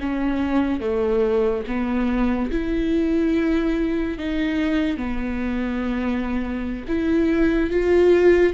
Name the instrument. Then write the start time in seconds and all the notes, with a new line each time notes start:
viola
0.00 C#4
0.80 A3
1.67 B3
2.51 E4
4.18 D#4
4.97 B3
6.88 E4
7.70 F4